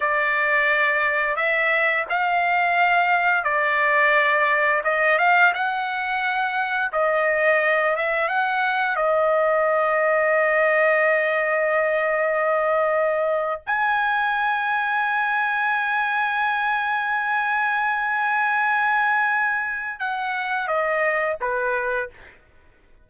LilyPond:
\new Staff \with { instrumentName = "trumpet" } { \time 4/4 \tempo 4 = 87 d''2 e''4 f''4~ | f''4 d''2 dis''8 f''8 | fis''2 dis''4. e''8 | fis''4 dis''2.~ |
dis''2.~ dis''8. gis''16~ | gis''1~ | gis''1~ | gis''4 fis''4 dis''4 b'4 | }